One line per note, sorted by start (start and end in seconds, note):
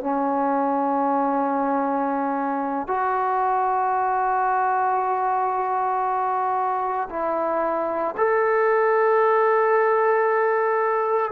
0.00 2.88 C#4
2.88 7.09 F#4
7.10 8.15 E4
8.17 11.32 A4